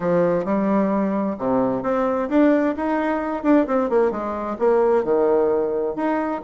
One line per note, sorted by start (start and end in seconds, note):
0.00 0.45 F3
0.45 1.36 G3
1.38 1.83 C3
1.83 2.28 C4
2.29 2.75 D4
2.76 3.43 D#4
3.43 3.66 D4
3.66 3.89 C4
3.89 4.11 A#3
4.11 4.57 G#3
4.59 5.04 A#3
5.04 5.95 D#3
5.95 6.41 D#4